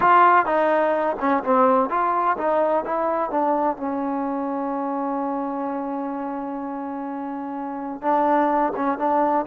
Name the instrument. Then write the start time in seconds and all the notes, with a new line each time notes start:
trombone
0.00 F4
0.45 D#4
1.19 C#4
1.43 C4
1.89 F4
2.37 D#4
2.84 E4
3.30 D4
3.77 C#4
8.01 D4
8.76 C#4
8.98 D4